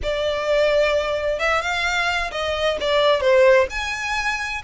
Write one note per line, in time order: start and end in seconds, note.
0.02 1.39 D5
1.39 1.61 E5
1.61 2.30 F5
2.31 2.77 D#5
2.80 3.21 D5
3.21 3.67 C5
3.69 4.62 G#5